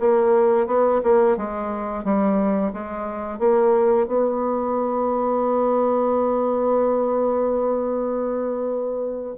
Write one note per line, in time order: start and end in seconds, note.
0.00 0.67 A#3
0.67 1.01 B3
1.04 1.37 A#3
1.37 2.04 G#3
2.04 2.72 G3
2.73 3.39 G#3
3.39 4.07 A#3
4.07 9.36 B3